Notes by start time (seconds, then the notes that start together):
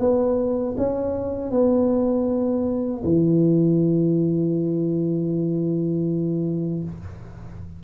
0.00 B3
0.78 C#4
1.51 B3
3.04 E3